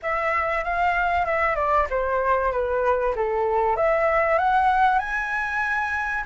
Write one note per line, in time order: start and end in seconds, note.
0.02 0.63 E5
0.63 1.25 F5
1.25 1.55 E5
1.55 1.86 D5
1.90 2.51 C5
2.51 3.14 B4
3.15 3.76 A4
3.76 4.38 E5
4.38 4.98 F#5
4.98 6.23 G#5